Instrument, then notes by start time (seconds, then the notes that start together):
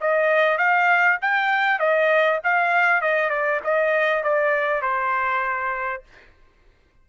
trumpet
0.00 D#5
0.57 F5
1.21 G5
1.79 D#5
2.44 F5
3.01 D#5
3.29 D5
3.64 D#5
4.23 D5
4.82 C5